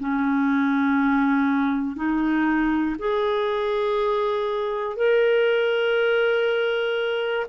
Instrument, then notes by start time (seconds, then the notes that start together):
clarinet
0.00 C#4
1.96 D#4
2.99 G#4
4.97 A#4